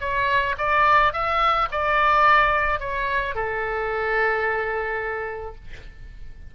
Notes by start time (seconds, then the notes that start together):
0.00 C#5
0.57 D5
1.13 E5
1.71 D5
2.79 C#5
3.35 A4